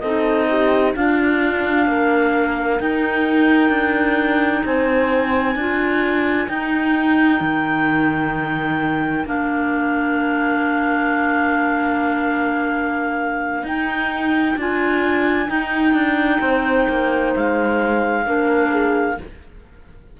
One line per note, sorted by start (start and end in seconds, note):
0.00 0.95 C4
0.00 0.97 D#4
0.00 0.48 A4
0.00 0.92 D#5
0.49 0.95 G4
0.96 1.87 D4
0.96 2.80 D4
0.96 1.88 F4
0.96 2.80 F5
1.87 2.79 A#3
1.87 4.65 A#4
2.80 5.57 D#4
2.80 3.69 D#4
2.80 4.64 G5
3.69 4.62 D4
4.65 5.55 C4
4.65 5.58 C5
4.65 6.49 G#5
5.55 6.48 D4
5.55 6.49 F4
5.55 16.41 A#4
6.49 7.41 D#4
6.49 9.24 D#4
6.49 9.26 G5
7.41 9.25 D#3
9.24 13.63 A#3
9.24 13.63 D4
9.24 13.66 F5
13.63 14.55 D#4
13.63 14.57 D#4
13.63 14.59 G5
14.57 15.49 D4
14.57 15.47 F4
14.57 15.50 G#5
15.47 18.24 D#4
15.47 15.93 D#4
15.47 17.34 G5
15.93 16.40 D4
16.41 16.87 C4
16.41 18.25 C5
16.89 17.35 A#3
17.35 18.26 G#3
17.35 19.20 F5
18.25 19.19 A#3
18.25 19.17 D4
18.25 18.71 A#4
18.71 19.17 G#4